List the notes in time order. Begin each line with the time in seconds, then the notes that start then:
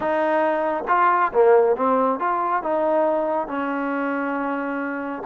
0.00 D#4
0.88 F4
1.33 A#3
1.76 C4
2.19 F4
2.62 D#4
3.47 C#4